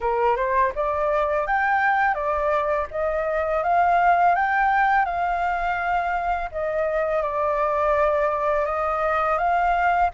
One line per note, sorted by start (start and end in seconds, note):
0.00 0.36 A#4
0.36 0.72 C5
0.75 1.46 D5
1.46 2.14 G5
2.14 2.86 D5
2.90 3.63 D#5
3.63 4.35 F5
4.35 5.05 G5
5.05 6.49 F5
6.51 7.22 D#5
7.22 8.65 D5
8.65 9.37 D#5
9.37 10.10 F5